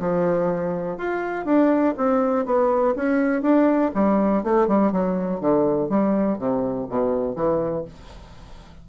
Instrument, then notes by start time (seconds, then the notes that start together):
bassoon
0.00 F3
0.98 F4
1.46 D4
1.98 C4
2.46 B3
2.96 C#4
3.42 D4
3.95 G3
4.44 A3
4.68 G3
4.92 F#3
5.41 D3
5.89 G3
6.38 C3
6.89 B2
7.36 E3